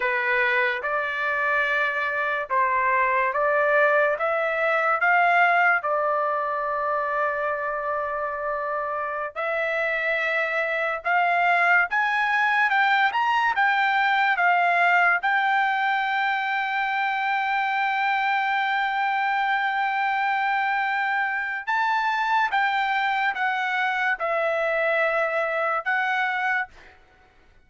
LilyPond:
\new Staff \with { instrumentName = "trumpet" } { \time 4/4 \tempo 4 = 72 b'4 d''2 c''4 | d''4 e''4 f''4 d''4~ | d''2.~ d''16 e''8.~ | e''4~ e''16 f''4 gis''4 g''8 ais''16~ |
ais''16 g''4 f''4 g''4.~ g''16~ | g''1~ | g''2 a''4 g''4 | fis''4 e''2 fis''4 | }